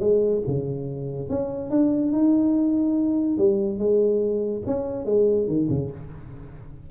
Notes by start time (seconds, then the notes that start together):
0.00 G#3
0.47 C#3
1.29 C#4
1.70 D4
2.12 D#4
3.38 G3
3.78 G#3
4.66 C#4
5.06 G#3
5.47 D#3
5.69 C#3